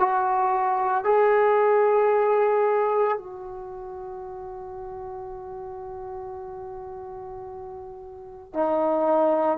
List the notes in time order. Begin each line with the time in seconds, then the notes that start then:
0.00 F#4
1.05 G#4
3.18 F#4
8.54 D#4